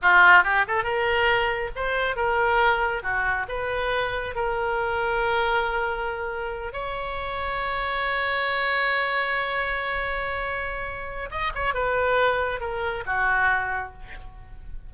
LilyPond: \new Staff \with { instrumentName = "oboe" } { \time 4/4 \tempo 4 = 138 f'4 g'8 a'8 ais'2 | c''4 ais'2 fis'4 | b'2 ais'2~ | ais'2.~ ais'8 cis''8~ |
cis''1~ | cis''1~ | cis''2 dis''8 cis''8 b'4~ | b'4 ais'4 fis'2 | }